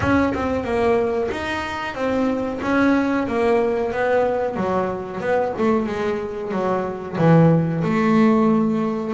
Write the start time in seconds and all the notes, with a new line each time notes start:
0.00 C#4
0.33 C4
0.63 A#3
1.31 D#4
1.94 C4
2.61 C#4
3.27 A#3
3.92 B3
4.56 F#3
5.20 B3
5.58 A3
5.86 G#3
6.51 F#3
7.17 E3
7.83 A3